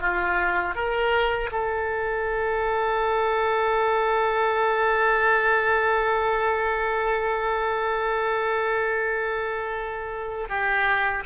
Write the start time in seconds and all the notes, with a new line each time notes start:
0.00 F4
0.75 A#4
1.52 A4
10.49 G4